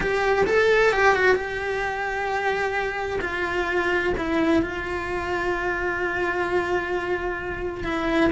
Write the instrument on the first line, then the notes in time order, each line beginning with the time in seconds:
cello
0.00 G4
0.46 A4
0.92 G4
1.15 F#4
1.35 G4
3.21 F4
4.17 E4
4.62 F4
7.84 E4